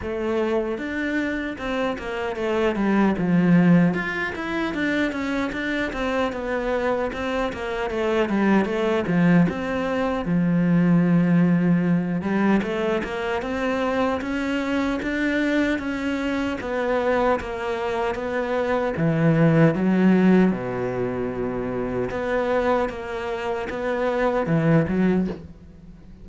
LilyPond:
\new Staff \with { instrumentName = "cello" } { \time 4/4 \tempo 4 = 76 a4 d'4 c'8 ais8 a8 g8 | f4 f'8 e'8 d'8 cis'8 d'8 c'8 | b4 c'8 ais8 a8 g8 a8 f8 | c'4 f2~ f8 g8 |
a8 ais8 c'4 cis'4 d'4 | cis'4 b4 ais4 b4 | e4 fis4 b,2 | b4 ais4 b4 e8 fis8 | }